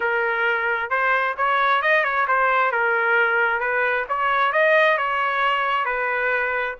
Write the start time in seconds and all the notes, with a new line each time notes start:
0.00 A#4
0.89 C5
1.37 C#5
1.82 D#5
2.04 C#5
2.27 C5
2.71 A#4
3.60 B4
4.08 C#5
4.52 D#5
4.97 C#5
5.85 B4